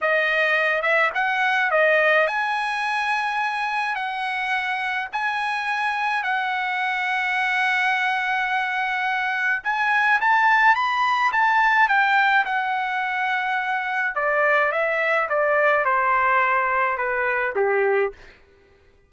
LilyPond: \new Staff \with { instrumentName = "trumpet" } { \time 4/4 \tempo 4 = 106 dis''4. e''8 fis''4 dis''4 | gis''2. fis''4~ | fis''4 gis''2 fis''4~ | fis''1~ |
fis''4 gis''4 a''4 b''4 | a''4 g''4 fis''2~ | fis''4 d''4 e''4 d''4 | c''2 b'4 g'4 | }